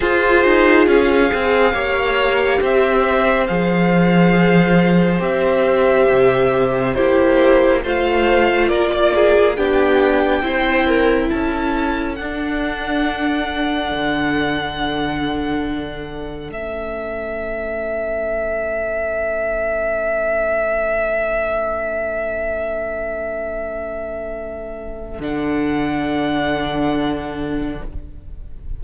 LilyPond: <<
  \new Staff \with { instrumentName = "violin" } { \time 4/4 \tempo 4 = 69 c''4 f''2 e''4 | f''2 e''2 | c''4 f''4 d''4 g''4~ | g''4 a''4 fis''2~ |
fis''2. e''4~ | e''1~ | e''1~ | e''4 fis''2. | }
  \new Staff \with { instrumentName = "violin" } { \time 4/4 gis'2 cis''4 c''4~ | c''1 | g'4 c''4 ais'16 d''16 gis'8 g'4 | c''8 ais'8 a'2.~ |
a'1~ | a'1~ | a'1~ | a'1 | }
  \new Staff \with { instrumentName = "viola" } { \time 4/4 f'4. gis'8 g'2 | gis'2 g'2 | e'4 f'2 d'4 | e'2 d'2~ |
d'2. cis'4~ | cis'1~ | cis'1~ | cis'4 d'2. | }
  \new Staff \with { instrumentName = "cello" } { \time 4/4 f'8 dis'8 cis'8 c'8 ais4 c'4 | f2 c'4 c4 | ais4 a4 ais4 b4 | c'4 cis'4 d'2 |
d2. a4~ | a1~ | a1~ | a4 d2. | }
>>